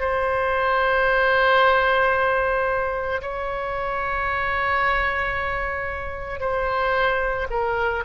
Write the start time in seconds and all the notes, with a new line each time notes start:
0.00 C5
3.22 C#5
6.40 C5
7.50 A#4